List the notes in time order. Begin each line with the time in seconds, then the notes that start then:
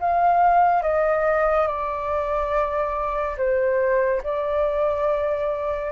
0.00 F5
0.82 D#5
1.67 D5
3.37 C5
4.23 D5